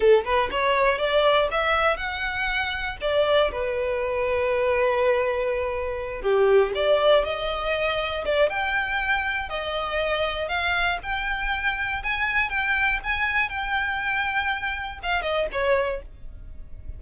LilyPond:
\new Staff \with { instrumentName = "violin" } { \time 4/4 \tempo 4 = 120 a'8 b'8 cis''4 d''4 e''4 | fis''2 d''4 b'4~ | b'1~ | b'8 g'4 d''4 dis''4.~ |
dis''8 d''8 g''2 dis''4~ | dis''4 f''4 g''2 | gis''4 g''4 gis''4 g''4~ | g''2 f''8 dis''8 cis''4 | }